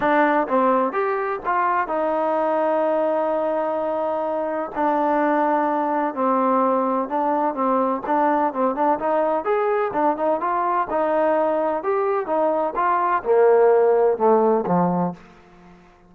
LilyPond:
\new Staff \with { instrumentName = "trombone" } { \time 4/4 \tempo 4 = 127 d'4 c'4 g'4 f'4 | dis'1~ | dis'2 d'2~ | d'4 c'2 d'4 |
c'4 d'4 c'8 d'8 dis'4 | gis'4 d'8 dis'8 f'4 dis'4~ | dis'4 g'4 dis'4 f'4 | ais2 a4 f4 | }